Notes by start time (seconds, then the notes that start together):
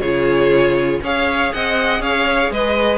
0.00 C#3 F4 G#4 C#5
1.02 C#4 G#4 C#5 F5
1.53 C4 D#5 F#5
1.99 C#4 C#5 F5
2.50 G#3 B4 D#5